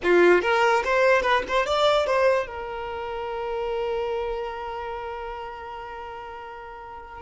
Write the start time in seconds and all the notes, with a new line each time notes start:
0.03 F4
0.41 A#4
0.84 C5
1.22 B4
1.48 C5
1.66 D5
2.06 C5
2.46 A#4